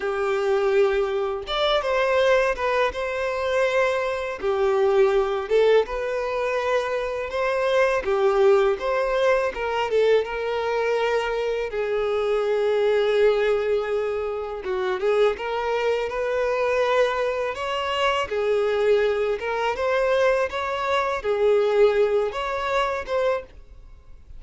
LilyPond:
\new Staff \with { instrumentName = "violin" } { \time 4/4 \tempo 4 = 82 g'2 d''8 c''4 b'8 | c''2 g'4. a'8 | b'2 c''4 g'4 | c''4 ais'8 a'8 ais'2 |
gis'1 | fis'8 gis'8 ais'4 b'2 | cis''4 gis'4. ais'8 c''4 | cis''4 gis'4. cis''4 c''8 | }